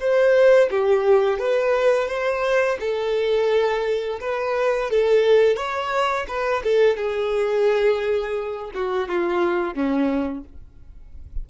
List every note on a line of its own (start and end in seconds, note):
0.00 0.70 C5
0.70 1.39 G4
1.39 2.08 B4
2.08 2.78 C5
2.80 4.20 A4
4.21 4.90 B4
4.90 5.56 A4
5.56 6.26 C#5
6.28 6.63 B4
6.63 6.97 A4
6.97 8.71 G#4
8.74 9.08 F#4
9.08 9.74 F4
9.74 10.44 C#4